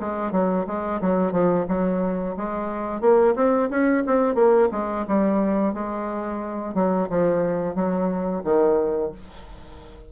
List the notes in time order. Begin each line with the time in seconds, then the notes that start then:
0.00 G#3
0.32 F#3
0.67 G#3
1.01 F#3
1.32 F3
1.68 F#3
2.37 G#3
3.01 A#3
3.36 C4
3.70 C#4
4.07 C4
4.35 A#3
4.72 G#3
5.08 G3
5.74 G#3
6.75 F#3
7.09 F3
7.75 F#3
8.44 D#3